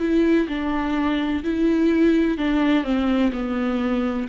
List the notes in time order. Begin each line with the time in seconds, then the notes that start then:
0.00 E4
0.48 D4
1.44 E4
2.38 D4
2.84 C4
3.32 B3